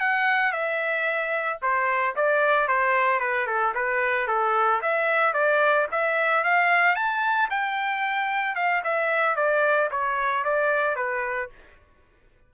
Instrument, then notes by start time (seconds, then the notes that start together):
trumpet
0.00 F#5
0.52 E5
1.62 C5
2.16 D5
2.68 C5
3.20 B4
3.47 A4
3.75 B4
4.27 A4
4.82 E5
5.34 D5
5.91 E5
6.44 F5
6.95 A5
7.50 G5
8.56 F5
8.84 E5
9.36 D5
9.91 C#5
10.44 D5
10.96 B4